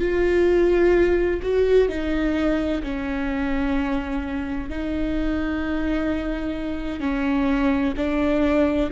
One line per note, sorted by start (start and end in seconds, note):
0.00 1.41 F4
1.42 1.89 F#4
1.89 2.83 D#4
2.83 4.70 C#4
4.70 7.01 D#4
7.01 7.94 C#4
7.97 8.91 D4